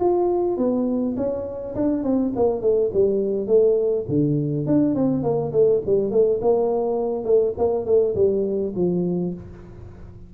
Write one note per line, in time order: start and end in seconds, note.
0.00 0.57 F4
0.57 1.16 B3
1.17 1.75 C#4
1.76 2.04 D4
2.04 2.33 C4
2.36 2.62 A#3
2.62 2.91 A3
2.94 3.47 G3
3.47 4.06 A3
4.09 4.67 D3
4.67 4.95 D4
4.95 5.23 C4
5.23 5.52 A#3
5.53 5.82 A3
5.86 6.11 G3
6.11 6.40 A3
6.42 7.24 A#3
7.24 7.54 A3
7.58 7.86 A#3
7.86 8.15 A3
8.15 8.74 G3
8.76 9.34 F3